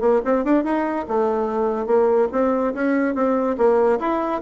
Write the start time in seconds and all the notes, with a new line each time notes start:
0.00 A#3
0.25 C4
0.44 D4
0.64 D#4
1.08 A3
1.86 A#3
2.32 C4
2.74 C#4
3.15 C4
3.57 A#3
4.00 E4